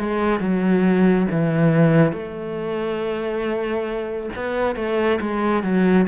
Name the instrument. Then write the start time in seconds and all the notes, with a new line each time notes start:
cello
0.00 G#3
0.40 F#3
1.31 E3
2.13 A3
4.36 B3
4.76 A3
5.21 G#3
5.64 F#3